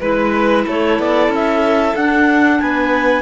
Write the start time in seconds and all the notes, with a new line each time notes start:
0.00 G#3 E4 B4
0.66 A3 A4 C#5
0.99 B3 D5
1.28 C#4
1.35 E5
1.95 D4 F#5
2.60 B3 B4 G#5